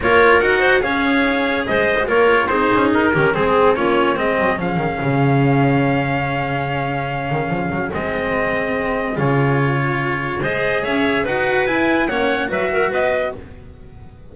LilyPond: <<
  \new Staff \with { instrumentName = "trumpet" } { \time 4/4 \tempo 4 = 144 cis''4 fis''4 f''2 | dis''4 cis''4 c''4 ais'4 | gis'4 cis''4 dis''4 f''4~ | f''1~ |
f''2. dis''4~ | dis''2 cis''2~ | cis''4 dis''4 e''4 fis''4 | gis''4 fis''4 e''4 dis''4 | }
  \new Staff \with { instrumentName = "clarinet" } { \time 4/4 ais'4. c''8 cis''2 | c''4 ais'4 gis'4. g'8 | gis'4 f'4 gis'2~ | gis'1~ |
gis'1~ | gis'1~ | gis'4 c''4 cis''4 b'4~ | b'4 cis''4 b'8 ais'8 b'4 | }
  \new Staff \with { instrumentName = "cello" } { \time 4/4 f'4 fis'4 gis'2~ | gis'8. fis'16 f'4 dis'4. cis'8 | c'4 cis'4 c'4 cis'4~ | cis'1~ |
cis'2. c'4~ | c'2 f'2~ | f'4 gis'2 fis'4 | e'4 cis'4 fis'2 | }
  \new Staff \with { instrumentName = "double bass" } { \time 4/4 ais4 dis'4 cis'2 | gis4 ais4 c'8 cis'8 dis'8 dis8 | gis4 ais4 gis8 fis8 f8 dis8 | cis1~ |
cis4. dis8 f8 fis8 gis4~ | gis2 cis2~ | cis4 gis4 cis'4 dis'4 | e'4 ais4 fis4 b4 | }
>>